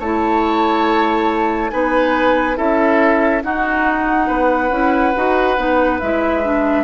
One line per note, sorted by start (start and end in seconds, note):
0.00 1.72 A3
0.00 1.71 E4
0.00 1.71 C#5
0.00 1.71 A5
1.71 2.58 B3
1.71 2.56 D#4
1.71 2.57 B4
1.71 2.56 G#5
2.56 3.44 C#4
2.56 3.41 E4
2.56 3.43 A4
2.56 3.43 E5
3.42 4.71 D#4
3.42 4.29 D#4
3.42 4.27 F#4
3.42 6.00 F#5
4.27 4.71 B3
4.27 6.84 B4
4.71 5.13 C#4
4.71 5.14 E4
5.16 5.58 D#4
5.16 5.57 F#4
5.57 6.01 B3
5.57 6.00 D#4
6.00 6.84 G#3
6.00 6.44 E4
6.00 6.84 E5
6.44 6.84 D4